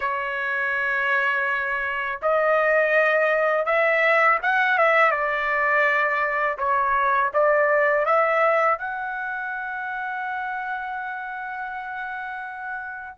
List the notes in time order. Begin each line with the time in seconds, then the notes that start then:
0.00 C#5
2.22 D#5
3.66 E5
4.42 F#5
4.78 E5
5.11 D5
6.58 C#5
7.33 D5
8.05 E5
8.78 F#5